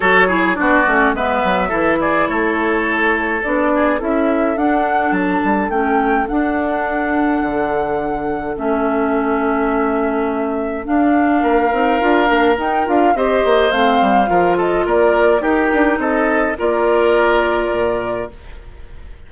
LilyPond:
<<
  \new Staff \with { instrumentName = "flute" } { \time 4/4 \tempo 4 = 105 cis''4 d''4 e''4. d''8 | cis''2 d''4 e''4 | fis''4 a''4 g''4 fis''4~ | fis''2. e''4~ |
e''2. f''4~ | f''2 g''8 f''8 dis''4 | f''4. dis''8 d''4 ais'4 | dis''4 d''2. | }
  \new Staff \with { instrumentName = "oboe" } { \time 4/4 a'8 gis'8 fis'4 b'4 a'8 gis'8 | a'2~ a'8 gis'8 a'4~ | a'1~ | a'1~ |
a'1 | ais'2. c''4~ | c''4 ais'8 a'8 ais'4 g'4 | a'4 ais'2. | }
  \new Staff \with { instrumentName = "clarinet" } { \time 4/4 fis'8 e'8 d'8 cis'8 b4 e'4~ | e'2 d'4 e'4 | d'2 cis'4 d'4~ | d'2. cis'4~ |
cis'2. d'4~ | d'8 dis'8 f'8 d'8 dis'8 f'8 g'4 | c'4 f'2 dis'4~ | dis'4 f'2. | }
  \new Staff \with { instrumentName = "bassoon" } { \time 4/4 fis4 b8 a8 gis8 fis8 e4 | a2 b4 cis'4 | d'4 fis8 g8 a4 d'4~ | d'4 d2 a4~ |
a2. d'4 | ais8 c'8 d'8 ais8 dis'8 d'8 c'8 ais8 | a8 g8 f4 ais4 dis'8 d'8 | c'4 ais2 ais,4 | }
>>